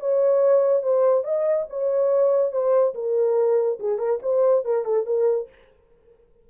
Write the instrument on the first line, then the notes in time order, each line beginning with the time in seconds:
horn
0.00 C#5
0.83 C5
1.24 D#5
1.70 C#5
2.52 C5
2.94 A#4
3.80 G#4
3.99 A#4
4.22 C5
4.65 A#4
4.85 A4
5.06 A#4